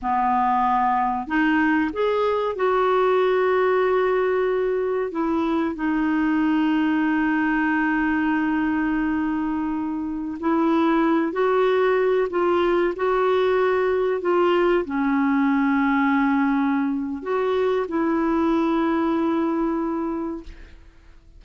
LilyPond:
\new Staff \with { instrumentName = "clarinet" } { \time 4/4 \tempo 4 = 94 b2 dis'4 gis'4 | fis'1 | e'4 dis'2.~ | dis'1~ |
dis'16 e'4. fis'4. f'8.~ | f'16 fis'2 f'4 cis'8.~ | cis'2. fis'4 | e'1 | }